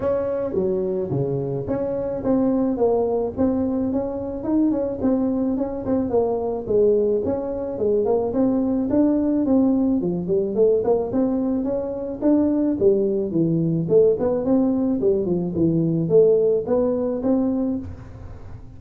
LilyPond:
\new Staff \with { instrumentName = "tuba" } { \time 4/4 \tempo 4 = 108 cis'4 fis4 cis4 cis'4 | c'4 ais4 c'4 cis'4 | dis'8 cis'8 c'4 cis'8 c'8 ais4 | gis4 cis'4 gis8 ais8 c'4 |
d'4 c'4 f8 g8 a8 ais8 | c'4 cis'4 d'4 g4 | e4 a8 b8 c'4 g8 f8 | e4 a4 b4 c'4 | }